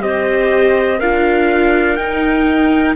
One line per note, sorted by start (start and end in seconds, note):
0.00 1.00 C4
0.00 0.98 G4
0.00 0.99 C5
0.00 1.00 D#5
0.99 1.99 D4
0.99 1.98 F4
0.99 2.95 A#4
0.99 1.96 F5
1.96 2.96 D#4
1.96 2.94 G5